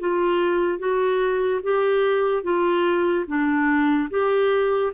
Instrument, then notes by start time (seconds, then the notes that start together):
clarinet
0.00 F4
0.79 F#4
1.63 G4
2.43 F4
3.27 D4
4.10 G4